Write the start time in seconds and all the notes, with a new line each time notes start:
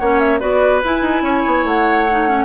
0.00 A#3 C#4 C#5 F#5
0.19 E5
0.40 B3 F#4 B4 D5
0.84 E4 G#5
1.02 D#4
1.22 C#4 C#5
1.46 B3
1.64 A3 F#5
2.11 D#4
2.29 C#4